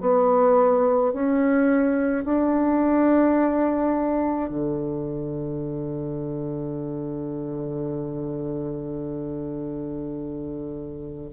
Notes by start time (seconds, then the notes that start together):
0.00 B3
1.12 C#4
2.24 D4
4.49 D3